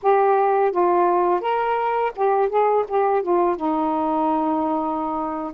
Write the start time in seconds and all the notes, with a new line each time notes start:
0.02 G4
0.71 F4
1.40 A#4
2.15 G4
2.49 G#4
2.88 G4
3.22 F4
3.56 D#4